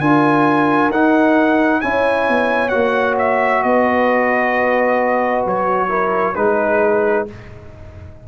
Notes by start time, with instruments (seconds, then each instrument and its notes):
0.00 tuba D4, trombone F4, horn A#4, trumpet G#5
0.90 tuba D#4, trombone D#4, trumpet F#5
1.81 tuba C#4, trombone E4, horn C#5, trumpet G#5
2.28 tuba B3
2.69 tuba A#3, trombone F#4, trumpet F#5
3.19 trumpet E5
3.63 tuba B3, horn B4, trumpet D#5
5.45 tuba F#3, trumpet C#5
5.89 trombone E4, horn A#4
6.35 tuba G#3, trombone D#4, horn G#4, trumpet B4